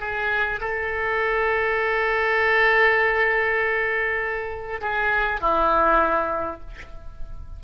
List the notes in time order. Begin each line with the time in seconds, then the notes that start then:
0.00 G#4
0.61 A4
4.81 G#4
5.41 E4